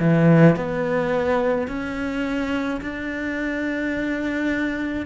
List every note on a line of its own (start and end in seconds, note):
0.00 0.57 E3
0.57 1.68 B3
1.68 2.81 C#4
2.82 5.06 D4